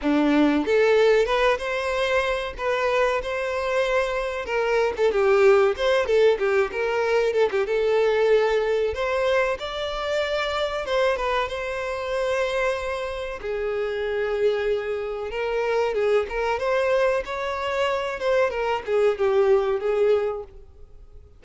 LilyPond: \new Staff \with { instrumentName = "violin" } { \time 4/4 \tempo 4 = 94 d'4 a'4 b'8 c''4. | b'4 c''2 ais'8. a'16 | g'4 c''8 a'8 g'8 ais'4 a'16 g'16 | a'2 c''4 d''4~ |
d''4 c''8 b'8 c''2~ | c''4 gis'2. | ais'4 gis'8 ais'8 c''4 cis''4~ | cis''8 c''8 ais'8 gis'8 g'4 gis'4 | }